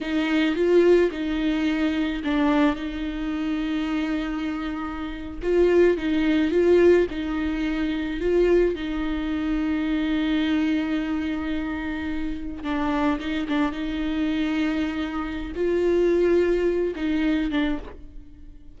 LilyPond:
\new Staff \with { instrumentName = "viola" } { \time 4/4 \tempo 4 = 108 dis'4 f'4 dis'2 | d'4 dis'2.~ | dis'4.~ dis'16 f'4 dis'4 f'16~ | f'8. dis'2 f'4 dis'16~ |
dis'1~ | dis'2~ dis'8. d'4 dis'16~ | dis'16 d'8 dis'2.~ dis'16 | f'2~ f'8 dis'4 d'8 | }